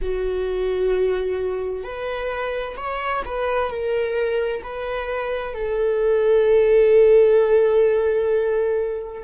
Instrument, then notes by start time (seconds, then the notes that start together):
viola
0.01 F#4
1.83 B4
2.77 C#5
3.25 B4
3.70 A#4
4.63 B4
5.53 A4